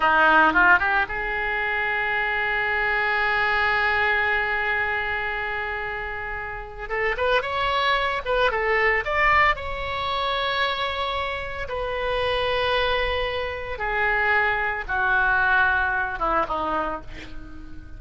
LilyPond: \new Staff \with { instrumentName = "oboe" } { \time 4/4 \tempo 4 = 113 dis'4 f'8 g'8 gis'2~ | gis'1~ | gis'1~ | gis'4 a'8 b'8 cis''4. b'8 |
a'4 d''4 cis''2~ | cis''2 b'2~ | b'2 gis'2 | fis'2~ fis'8 e'8 dis'4 | }